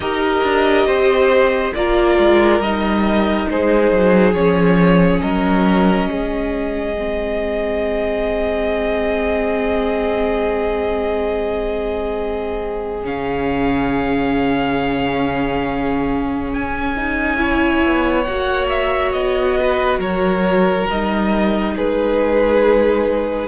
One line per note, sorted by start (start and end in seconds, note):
0.00 0.41 D#4
0.00 1.74 G4
0.00 0.86 A#4
0.00 1.73 D#5
0.43 0.85 D4
0.85 1.72 C4
0.85 1.73 C5
1.74 2.18 A#3
1.74 2.62 F4
1.74 3.50 A#4
1.74 2.61 D5
2.18 2.59 G#3
2.59 3.46 G3
2.59 4.34 D#4
2.59 3.48 D#5
3.49 3.91 G#3
3.49 5.22 G#4
3.49 4.33 C5
3.91 4.33 F#3
4.33 5.20 F3
4.33 6.94 C#4
4.33 5.20 C#5
5.20 6.07 F#3
5.20 6.09 A#4
5.20 13.03 D#5
6.07 13.03 G#3
6.07 17.40 G#4
6.98 13.03 C4
13.03 16.52 C#3
13.03 16.95 C#4
13.03 16.53 F5
16.53 17.84 C#4
16.53 18.23 G#5
16.96 17.37 D#4
17.37 18.24 E4
17.37 19.57 C#5
17.85 18.28 B3
18.23 19.13 A#3
18.23 20.88 F#4
18.23 18.66 F#5
18.69 19.11 E5
19.11 19.98 B3
19.11 19.98 D#5
19.60 19.99 B4
19.98 20.85 F#3
19.98 21.73 A#4
19.98 20.88 C#5
20.88 21.76 G3
20.88 23.48 D#4
20.88 21.77 D#5
21.76 23.48 G#3
21.76 23.48 G#4
21.76 23.48 B4